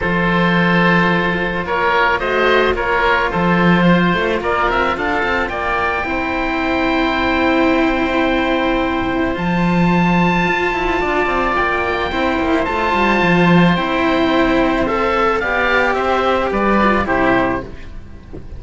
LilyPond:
<<
  \new Staff \with { instrumentName = "oboe" } { \time 4/4 \tempo 4 = 109 c''2. cis''4 | dis''4 cis''4 c''2 | d''8 e''8 f''4 g''2~ | g''1~ |
g''4 a''2.~ | a''4 g''2 a''4~ | a''4 g''2 e''4 | f''4 e''4 d''4 c''4 | }
  \new Staff \with { instrumentName = "oboe" } { \time 4/4 a'2. ais'4 | c''4 ais'4 a'4 c''4 | ais'4 a'4 d''4 c''4~ | c''1~ |
c''1 | d''2 c''2~ | c''1 | d''4 c''4 b'4 g'4 | }
  \new Staff \with { instrumentName = "cello" } { \time 4/4 f'1 | fis'4 f'2.~ | f'2. e'4~ | e'1~ |
e'4 f'2.~ | f'2 e'4 f'4~ | f'4 e'2 a'4 | g'2~ g'8 f'8 e'4 | }
  \new Staff \with { instrumentName = "cello" } { \time 4/4 f2. ais4 | a4 ais4 f4. a8 | ais8 c'8 d'8 c'8 ais4 c'4~ | c'1~ |
c'4 f2 f'8 e'8 | d'8 c'8 ais4 c'8 ais8 a8 g8 | f4 c'2. | b4 c'4 g4 c4 | }
>>